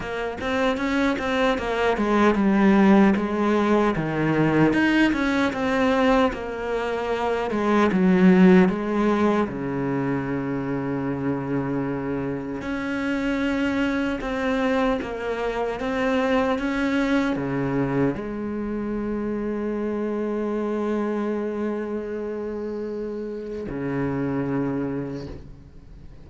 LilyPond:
\new Staff \with { instrumentName = "cello" } { \time 4/4 \tempo 4 = 76 ais8 c'8 cis'8 c'8 ais8 gis8 g4 | gis4 dis4 dis'8 cis'8 c'4 | ais4. gis8 fis4 gis4 | cis1 |
cis'2 c'4 ais4 | c'4 cis'4 cis4 gis4~ | gis1~ | gis2 cis2 | }